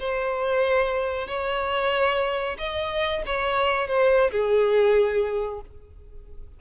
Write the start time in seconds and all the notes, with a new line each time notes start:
0.00 C5
1.28 C#5
2.58 D#5
3.26 C#5
3.88 C5
4.32 G#4